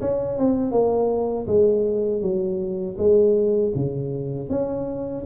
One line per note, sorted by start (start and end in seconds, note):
0.00 0.38 C#4
0.38 0.71 C4
0.71 1.46 A#3
1.47 2.21 G#3
2.21 2.96 F#3
2.97 3.72 G#3
3.75 4.49 C#3
4.49 5.24 C#4